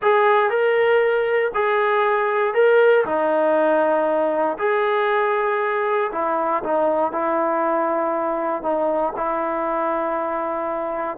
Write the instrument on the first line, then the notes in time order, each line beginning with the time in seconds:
trombone
0.01 G#4
0.50 A#4
1.54 G#4
2.54 A#4
3.05 D#4
4.58 G#4
6.12 E4
6.63 D#4
7.12 E4
8.62 D#4
9.16 E4